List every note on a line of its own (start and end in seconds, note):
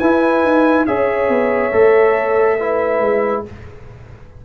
0.00 0.44 E4
0.00 0.87 E4
0.00 0.86 B4
0.00 0.86 G#5
0.44 0.87 D#4
0.86 1.29 C#4
0.86 1.72 G#4
0.86 2.59 C#5
0.86 3.44 E5
1.29 1.72 B3
1.72 3.01 A3
1.72 2.58 A4
2.59 3.46 E4
2.59 3.45 B4
3.01 3.44 G#3